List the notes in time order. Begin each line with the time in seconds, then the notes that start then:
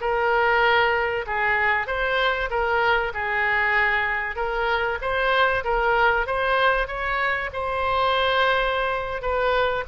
0.00 A#4
1.26 G#4
1.86 C5
2.50 A#4
3.13 G#4
4.35 A#4
5.01 C5
5.64 A#4
6.26 C5
6.87 C#5
7.53 C5
9.21 B4